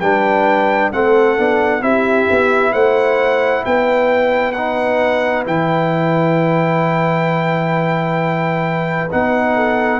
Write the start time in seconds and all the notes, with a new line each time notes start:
0.00 G3 D4 B4 G5
0.90 A3 C4 A4 F#5
1.37 B3 D4
1.80 C4 E4 G4 E5
2.30 B3
2.72 A3 C5 F#5
3.65 B3 B4 G5
4.52 D#4 F#5
5.45 E3 E4 G5
9.10 B3 D#4 F#5
9.55 A4